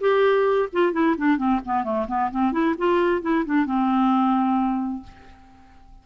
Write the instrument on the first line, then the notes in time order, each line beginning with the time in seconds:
clarinet
0.00 G4
0.72 F4
0.93 E4
1.17 D4
1.37 C4
1.65 B3
1.84 A3
2.08 B3
2.31 C4
2.52 E4
2.78 F4
3.22 E4
3.45 D4
3.66 C4